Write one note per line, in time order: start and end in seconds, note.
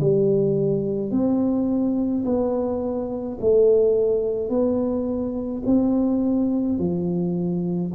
0.00 1.11 G3
1.11 2.24 C4
2.25 3.39 B3
3.41 4.50 A3
4.50 5.63 B3
5.66 6.79 C4
6.79 7.92 F3